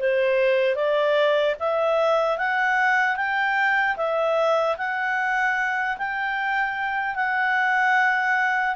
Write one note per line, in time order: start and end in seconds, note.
0.00 0.76 C5
0.76 1.56 D5
1.60 2.38 E5
2.38 3.16 F#5
3.16 3.96 G5
3.97 4.77 E5
4.78 5.98 F#5
5.98 7.16 G5
7.16 8.76 F#5